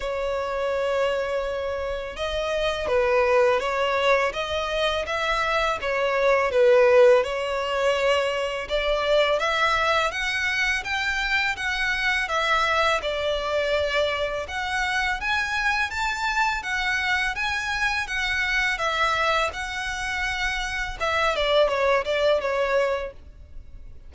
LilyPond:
\new Staff \with { instrumentName = "violin" } { \time 4/4 \tempo 4 = 83 cis''2. dis''4 | b'4 cis''4 dis''4 e''4 | cis''4 b'4 cis''2 | d''4 e''4 fis''4 g''4 |
fis''4 e''4 d''2 | fis''4 gis''4 a''4 fis''4 | gis''4 fis''4 e''4 fis''4~ | fis''4 e''8 d''8 cis''8 d''8 cis''4 | }